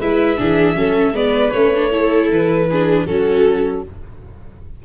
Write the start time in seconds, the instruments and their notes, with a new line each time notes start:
0.00 tuba G#3, viola E4 B4, violin E5
0.38 tuba E3, viola D4 G#4
0.75 tuba F#3, viola C#4 A4
1.12 tuba G#3, viola B3 B4, violin D5
1.52 tuba A3, viola C#4, violin C#5
1.76 viola D4
1.91 viola E4 A4
2.30 tuba E3, violin B4
2.70 viola D4 G#4
3.06 tuba F#3, viola C#4 F#4, violin A4